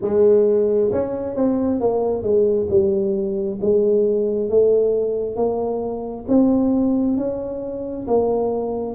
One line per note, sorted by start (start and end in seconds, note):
0.01 0.91 G#3
0.92 1.35 C#4
1.35 1.80 C4
1.80 2.23 A#3
2.23 2.67 G#3
2.69 3.59 G3
3.61 4.49 G#3
4.49 5.35 A3
5.35 6.25 A#3
6.28 7.17 C4
7.17 8.06 C#4
8.07 8.95 A#3